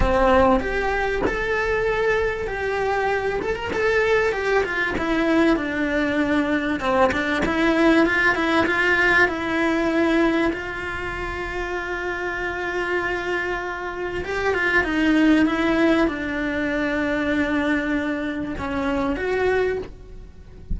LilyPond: \new Staff \with { instrumentName = "cello" } { \time 4/4 \tempo 4 = 97 c'4 g'4 a'2 | g'4. a'16 ais'16 a'4 g'8 f'8 | e'4 d'2 c'8 d'8 | e'4 f'8 e'8 f'4 e'4~ |
e'4 f'2.~ | f'2. g'8 f'8 | dis'4 e'4 d'2~ | d'2 cis'4 fis'4 | }